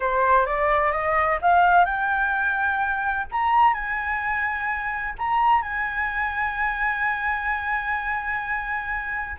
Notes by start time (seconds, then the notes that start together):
0.00 C5
0.45 D5
0.91 D#5
1.41 F5
1.85 G5
3.31 A#5
3.73 G#5
5.18 A#5
5.61 G#5